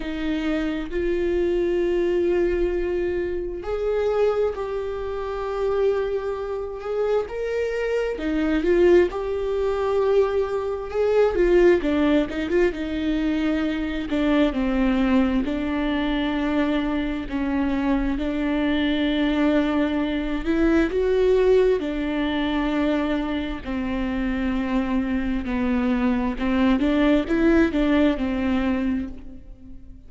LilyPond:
\new Staff \with { instrumentName = "viola" } { \time 4/4 \tempo 4 = 66 dis'4 f'2. | gis'4 g'2~ g'8 gis'8 | ais'4 dis'8 f'8 g'2 | gis'8 f'8 d'8 dis'16 f'16 dis'4. d'8 |
c'4 d'2 cis'4 | d'2~ d'8 e'8 fis'4 | d'2 c'2 | b4 c'8 d'8 e'8 d'8 c'4 | }